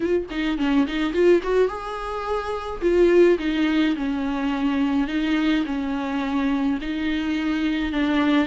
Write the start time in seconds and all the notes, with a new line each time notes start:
0.00 F4
0.30 D#4
0.58 C#4
0.86 D#4
1.13 F4
1.42 F#4
1.67 G#4
2.81 F4
3.38 D#4
3.96 C#4
5.07 D#4
5.65 C#4
6.81 D#4
7.92 D4